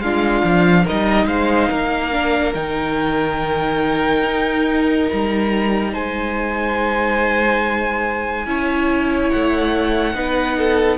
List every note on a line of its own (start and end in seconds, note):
0.00 0.42 G#3
0.00 0.86 D4
0.00 0.84 F4
0.00 0.86 F5
0.44 0.87 F3
0.84 2.12 D#4
0.84 1.26 A#4
0.84 1.27 D#5
0.91 1.26 G3
1.26 1.68 G#3
1.26 1.69 C5
1.26 2.54 F5
1.69 2.55 A#3
1.69 5.92 A#4
2.12 2.54 D4
2.55 4.24 D#3
2.55 8.46 D#4
2.55 5.08 G5
4.24 5.09 D#4
5.10 5.95 G3
5.10 5.94 A#5
5.92 8.46 G#3
5.92 8.46 C5
5.92 9.31 G#5
8.46 9.31 C#4
8.46 10.15 E4
8.46 10.15 C#5
9.31 10.14 A3
9.31 10.99 F#5
10.14 10.99 B3
10.14 10.99 D#4
10.14 10.57 B4
10.58 10.99 A4